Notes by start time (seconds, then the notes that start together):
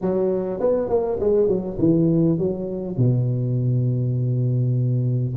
0.01 F#3
0.60 B3
0.89 A#3
1.20 G#3
1.48 F#3
1.78 E3
2.38 F#3
2.97 B2